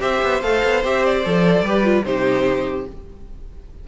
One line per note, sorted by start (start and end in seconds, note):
0.00 0.22 C4
0.00 0.41 G4
0.00 1.65 C5
0.00 0.42 E5
0.23 0.42 B3
0.42 0.63 A3
0.42 0.84 A4
0.42 0.83 F5
0.64 0.84 B3
0.84 1.25 C4
0.84 1.25 G4
0.84 1.05 E5
1.05 2.05 D5
1.25 1.62 F3
1.25 1.65 A4
1.62 2.02 G3
1.62 1.84 G4
1.62 2.05 B4
1.84 2.04 F4
2.05 2.86 C3
2.05 2.86 D#4
2.05 2.88 G4
2.05 2.86 C5